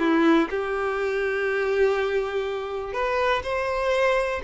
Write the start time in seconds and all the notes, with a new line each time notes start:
0.00 E4
0.50 G4
2.94 B4
3.44 C5